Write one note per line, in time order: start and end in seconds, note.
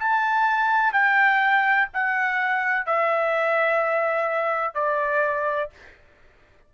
0.00 0.93 A5
0.93 1.88 G5
1.94 2.87 F#5
2.87 4.75 E5
4.75 5.70 D5